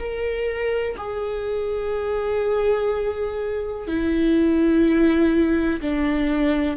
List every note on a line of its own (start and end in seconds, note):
0.00 0.97 A#4
0.98 3.88 G#4
3.88 5.81 E4
5.82 6.77 D4